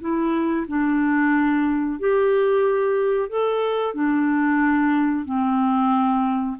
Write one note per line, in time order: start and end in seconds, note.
0.00 0.66 E4
0.67 1.99 D4
1.99 3.29 G4
3.29 3.94 A4
3.94 5.24 D4
5.24 6.56 C4